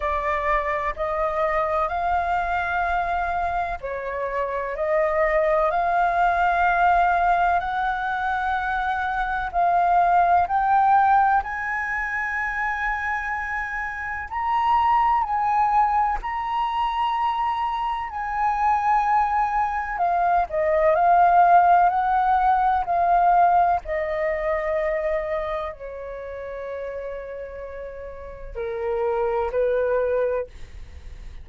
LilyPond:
\new Staff \with { instrumentName = "flute" } { \time 4/4 \tempo 4 = 63 d''4 dis''4 f''2 | cis''4 dis''4 f''2 | fis''2 f''4 g''4 | gis''2. ais''4 |
gis''4 ais''2 gis''4~ | gis''4 f''8 dis''8 f''4 fis''4 | f''4 dis''2 cis''4~ | cis''2 ais'4 b'4 | }